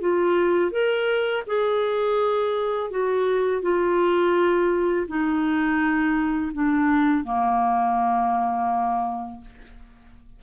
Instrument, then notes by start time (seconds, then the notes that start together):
clarinet
0.00 F4
0.71 A#4
1.47 G#4
2.90 F#4
3.62 F4
5.07 D#4
6.53 D4
7.24 A#3